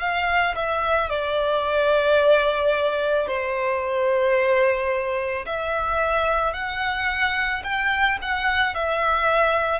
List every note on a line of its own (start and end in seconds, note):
0.00 0.55 F5
0.55 1.09 E5
1.09 3.27 D5
3.27 5.45 C5
5.45 6.53 E5
6.53 7.62 F#5
7.64 8.18 G5
8.22 8.74 F#5
8.74 9.79 E5